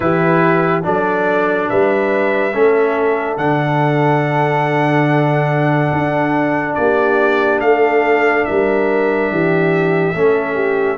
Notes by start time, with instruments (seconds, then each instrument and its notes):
0.00 tuba E3, trombone E4, horn G4, trumpet B4
0.82 tuba F#3, trombone D4, horn A4, trumpet D5
1.69 tuba G3, horn B4, trumpet E5
2.52 tuba A3, trombone C#4, horn A4
3.37 tuba D3, trombone D4, trumpet F#5
5.92 tuba D4
6.74 tuba A#3, horn G4, trumpet D5
7.60 tuba A3, horn A4, trumpet F5
8.45 tuba G3, horn A#4, trumpet E5
9.30 tuba E3, horn G4
10.14 tuba A3, trombone C#4, horn A4
10.54 horn G4